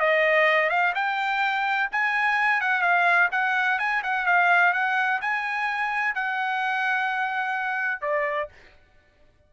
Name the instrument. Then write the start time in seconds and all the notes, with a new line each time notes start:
trumpet
0.00 D#5
0.70 F5
0.95 G5
1.92 G#5
2.61 F#5
2.82 F5
3.32 F#5
3.79 G#5
4.03 F#5
4.26 F5
4.74 F#5
5.21 G#5
6.15 F#5
8.02 D5